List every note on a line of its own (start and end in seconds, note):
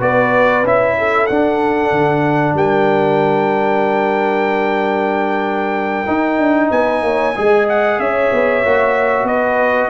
0.00 0.64 B3
0.00 0.64 F#4
0.00 0.96 B4
0.00 0.65 D5
0.64 1.28 C#4
0.64 1.29 E4
0.64 1.26 E5
0.98 2.56 A4
1.26 6.07 D4
1.26 1.91 D4
1.26 2.54 F#5
1.91 2.54 D3
2.54 6.05 G3
2.54 6.70 A#4
2.54 6.71 G5
6.07 7.34 D#4
6.07 6.38 D#4
6.38 6.70 D4
6.70 7.02 B3
6.70 7.03 B4
6.70 7.67 G#5
7.02 7.34 A#3
7.02 7.36 C#5
7.36 7.99 G#3
7.36 8.63 G#4
7.36 8.00 D#5
7.69 8.00 F#5
7.99 8.31 C#4
7.99 9.27 C#5
7.99 9.27 E5
8.32 8.64 B3
8.64 9.24 A#3
8.64 9.89 F#4
9.24 9.87 B3
9.24 9.89 B4
9.24 9.89 D#5